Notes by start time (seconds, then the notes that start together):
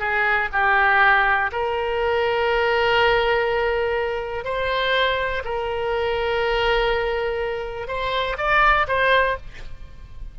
0.00 G#4
0.53 G4
1.52 A#4
4.45 C5
5.45 A#4
7.88 C5
8.38 D5
8.88 C5